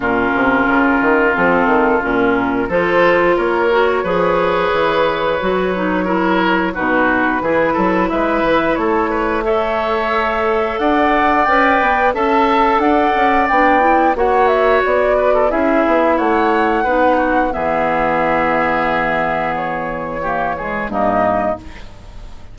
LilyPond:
<<
  \new Staff \with { instrumentName = "flute" } { \time 4/4 \tempo 4 = 89 ais'2 a'4 ais'4 | c''4 cis''2.~ | cis''2 b'2 | e''4 cis''4 e''2 |
fis''4 g''4 a''4 fis''4 | g''4 fis''8 e''8 d''4 e''4 | fis''2 e''2~ | e''4 cis''2 dis''4 | }
  \new Staff \with { instrumentName = "oboe" } { \time 4/4 f'1 | a'4 ais'4 b'2~ | b'4 ais'4 fis'4 gis'8 a'8 | b'4 a'8 b'8 cis''2 |
d''2 e''4 d''4~ | d''4 cis''4. b'16 a'16 gis'4 | cis''4 b'8 fis'8 gis'2~ | gis'2 g'8 gis'8 dis'4 | }
  \new Staff \with { instrumentName = "clarinet" } { \time 4/4 cis'2 c'4 cis'4 | f'4. fis'8 gis'2 | fis'8 dis'8 e'4 dis'4 e'4~ | e'2 a'2~ |
a'4 b'4 a'2 | d'8 e'8 fis'2 e'4~ | e'4 dis'4 b2~ | b2 ais8 gis8 ais4 | }
  \new Staff \with { instrumentName = "bassoon" } { \time 4/4 ais,8 c8 cis8 dis8 f8 dis8 ais,4 | f4 ais4 f4 e4 | fis2 b,4 e8 fis8 | gis8 e8 a2. |
d'4 cis'8 b8 cis'4 d'8 cis'8 | b4 ais4 b4 cis'8 b8 | a4 b4 e2~ | e2. g,4 | }
>>